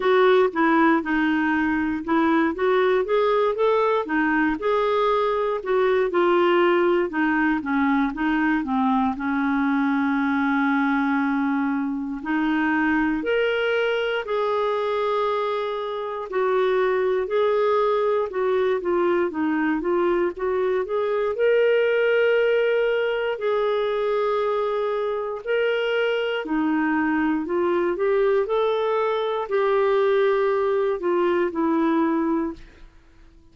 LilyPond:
\new Staff \with { instrumentName = "clarinet" } { \time 4/4 \tempo 4 = 59 fis'8 e'8 dis'4 e'8 fis'8 gis'8 a'8 | dis'8 gis'4 fis'8 f'4 dis'8 cis'8 | dis'8 c'8 cis'2. | dis'4 ais'4 gis'2 |
fis'4 gis'4 fis'8 f'8 dis'8 f'8 | fis'8 gis'8 ais'2 gis'4~ | gis'4 ais'4 dis'4 f'8 g'8 | a'4 g'4. f'8 e'4 | }